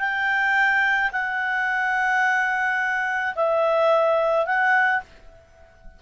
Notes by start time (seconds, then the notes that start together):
0.00 G5
1.12 F#5
3.36 E5
4.46 F#5